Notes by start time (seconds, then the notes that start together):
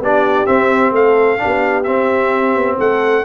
0.00 B3 D4 G4 D5
0.47 C4 E5
0.91 A3 A4 F5
1.38 D4 G4
1.45 B3
1.83 C4 E5
2.55 B3
2.78 A3 A4 F#5